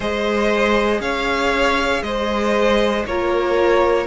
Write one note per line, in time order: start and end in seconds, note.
0.00 1.00 G#3
0.00 3.04 G#4
0.00 1.01 C5
0.00 1.01 D#5
1.00 2.01 C#4
1.00 2.03 C#5
1.00 2.03 F5
2.02 3.04 G#3
2.02 3.06 C5
2.02 3.04 D#5
3.05 4.06 A#3
3.05 4.06 F4
3.05 4.06 A#4
3.05 4.06 C#5